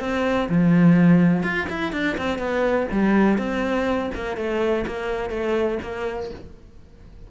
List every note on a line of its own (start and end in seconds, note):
0.00 0.48 C4
0.49 1.43 F3
1.43 1.67 F4
1.70 1.93 E4
1.93 2.17 D4
2.18 2.38 C4
2.38 2.87 B3
2.91 3.38 G3
3.38 4.11 C4
4.15 4.37 A#3
4.37 4.85 A3
4.87 5.30 A#3
5.30 5.78 A3
5.82 6.31 A#3